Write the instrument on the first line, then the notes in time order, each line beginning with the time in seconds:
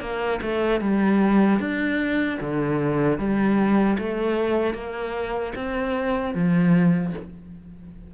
cello
0.00 A#3
0.42 A3
0.80 G3
1.59 D4
2.40 D3
3.18 G3
3.98 A3
4.74 A#3
5.55 C4
6.34 F3